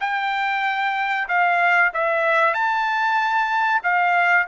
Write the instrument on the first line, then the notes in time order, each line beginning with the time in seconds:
trumpet
0.00 G5
1.28 F5
1.93 E5
2.54 A5
3.83 F5